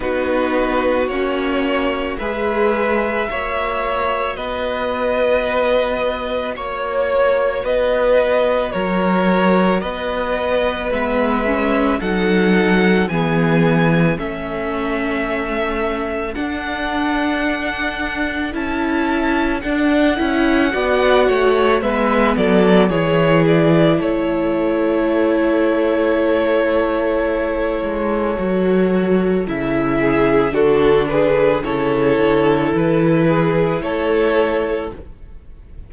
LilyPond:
<<
  \new Staff \with { instrumentName = "violin" } { \time 4/4 \tempo 4 = 55 b'4 cis''4 e''2 | dis''2 cis''4 dis''4 | cis''4 dis''4 e''4 fis''4 | gis''4 e''2 fis''4~ |
fis''4 a''4 fis''2 | e''8 d''8 cis''8 d''8 cis''2~ | cis''2. e''4 | a'8 b'8 cis''4 b'4 cis''4 | }
  \new Staff \with { instrumentName = "violin" } { \time 4/4 fis'2 b'4 cis''4 | b'2 cis''4 b'4 | ais'4 b'2 a'4 | gis'4 a'2.~ |
a'2. d''8 cis''8 | b'8 a'8 gis'4 a'2~ | a'2.~ a'8 gis'8 | fis'8 gis'8 a'4. gis'8 a'4 | }
  \new Staff \with { instrumentName = "viola" } { \time 4/4 dis'4 cis'4 gis'4 fis'4~ | fis'1~ | fis'2 b8 cis'8 dis'4 | b4 cis'2 d'4~ |
d'4 e'4 d'8 e'8 fis'4 | b4 e'2.~ | e'2 fis'4 e'4 | d'4 e'2. | }
  \new Staff \with { instrumentName = "cello" } { \time 4/4 b4 ais4 gis4 ais4 | b2 ais4 b4 | fis4 b4 gis4 fis4 | e4 a2 d'4~ |
d'4 cis'4 d'8 cis'8 b8 a8 | gis8 fis8 e4 a2~ | a4. gis8 fis4 cis4 | d4 cis8 d8 e4 a4 | }
>>